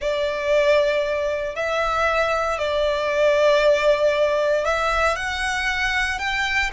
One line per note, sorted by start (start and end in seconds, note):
0.01 1.55 D5
1.55 2.58 E5
2.58 4.65 D5
4.65 5.15 E5
5.15 6.18 F#5
6.18 6.70 G5